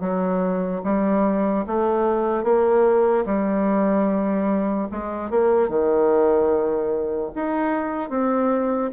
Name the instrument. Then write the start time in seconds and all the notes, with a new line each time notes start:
bassoon
0.00 F#3
0.84 G3
1.67 A3
2.43 A#3
3.26 G3
4.91 G#3
5.30 A#3
5.69 D#3
7.35 D#4
8.09 C4